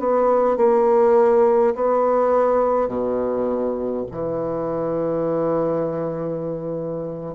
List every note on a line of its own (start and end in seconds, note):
0.00 0.57 B3
0.57 1.75 A#3
1.75 2.89 B3
2.89 4.06 B2
4.12 7.35 E3